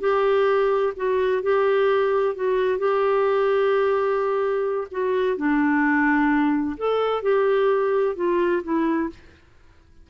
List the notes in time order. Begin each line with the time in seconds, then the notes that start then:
0.00 G4
0.96 F#4
1.42 G4
2.35 F#4
2.78 G4
4.91 F#4
5.37 D4
6.77 A4
7.22 G4
8.16 F4
8.63 E4